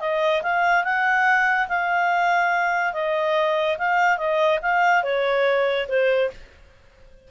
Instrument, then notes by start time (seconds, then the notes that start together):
clarinet
0.00 D#5
0.42 F5
0.84 F#5
1.68 F5
2.93 D#5
3.78 F5
4.17 D#5
4.62 F5
5.03 C#5
5.88 C5